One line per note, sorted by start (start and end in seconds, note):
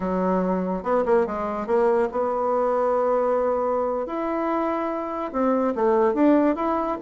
0.00 0.83 F#3
0.83 1.04 B3
1.05 1.26 A#3
1.26 1.66 G#3
1.66 2.08 A#3
2.11 4.06 B3
4.06 5.31 E4
5.32 5.73 C4
5.75 6.14 A3
6.14 6.55 D4
6.55 6.97 E4